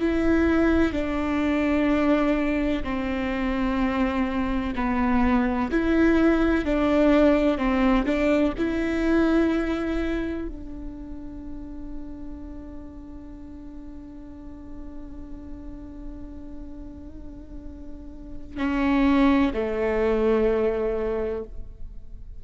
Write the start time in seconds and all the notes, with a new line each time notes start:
0.00 E4
0.93 D4
2.84 C4
4.75 B3
5.71 E4
6.65 D4
7.58 C4
8.06 D4
8.58 E4
10.48 D4
18.58 C#4
19.53 A3